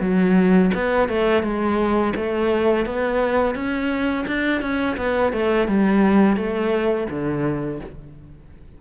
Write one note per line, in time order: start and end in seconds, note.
0.00 0.71 F#3
0.74 1.08 B3
1.08 1.43 A3
1.43 2.13 G#3
2.16 2.86 A3
2.86 3.55 B3
3.55 4.25 C#4
4.27 4.61 D4
4.61 4.96 C#4
4.97 5.32 B3
5.32 5.68 A3
5.68 6.36 G3
6.36 7.07 A3
7.09 7.80 D3